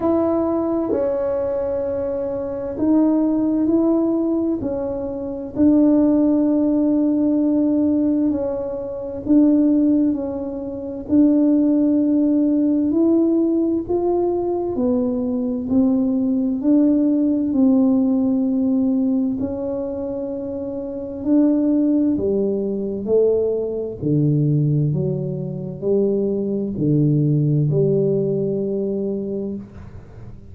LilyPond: \new Staff \with { instrumentName = "tuba" } { \time 4/4 \tempo 4 = 65 e'4 cis'2 dis'4 | e'4 cis'4 d'2~ | d'4 cis'4 d'4 cis'4 | d'2 e'4 f'4 |
b4 c'4 d'4 c'4~ | c'4 cis'2 d'4 | g4 a4 d4 fis4 | g4 d4 g2 | }